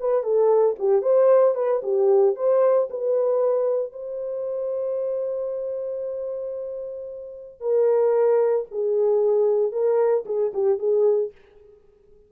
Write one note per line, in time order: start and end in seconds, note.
0.00 0.23 B4
0.23 0.75 A4
0.78 1.02 G4
1.02 1.54 C5
1.55 1.81 B4
1.83 2.35 G4
2.35 2.88 C5
2.89 3.92 B4
3.92 7.60 C5
7.60 8.65 A#4
8.71 9.72 G#4
9.72 10.24 A#4
10.25 10.52 G#4
10.53 10.79 G4
10.79 11.31 G#4